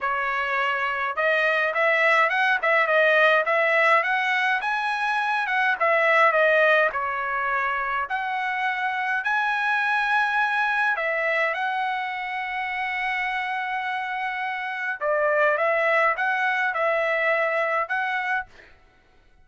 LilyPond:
\new Staff \with { instrumentName = "trumpet" } { \time 4/4 \tempo 4 = 104 cis''2 dis''4 e''4 | fis''8 e''8 dis''4 e''4 fis''4 | gis''4. fis''8 e''4 dis''4 | cis''2 fis''2 |
gis''2. e''4 | fis''1~ | fis''2 d''4 e''4 | fis''4 e''2 fis''4 | }